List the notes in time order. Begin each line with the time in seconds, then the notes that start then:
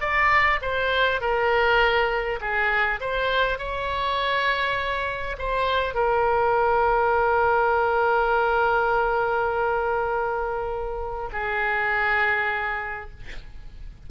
0.00 D5
0.62 C5
1.20 A#4
2.40 G#4
3.00 C5
3.58 C#5
5.38 C5
5.94 A#4
11.32 G#4